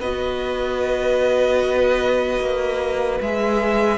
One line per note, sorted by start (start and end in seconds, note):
0.00 2.40 B3
0.00 3.22 F#4
0.00 3.98 B4
0.00 3.21 D#5
2.40 3.20 A#3
3.21 3.98 G#3
3.21 3.98 G#4
3.21 3.98 E5